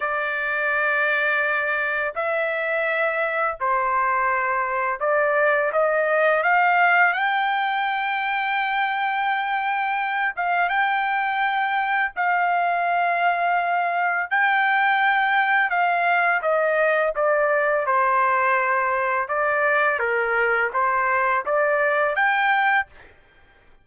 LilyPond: \new Staff \with { instrumentName = "trumpet" } { \time 4/4 \tempo 4 = 84 d''2. e''4~ | e''4 c''2 d''4 | dis''4 f''4 g''2~ | g''2~ g''8 f''8 g''4~ |
g''4 f''2. | g''2 f''4 dis''4 | d''4 c''2 d''4 | ais'4 c''4 d''4 g''4 | }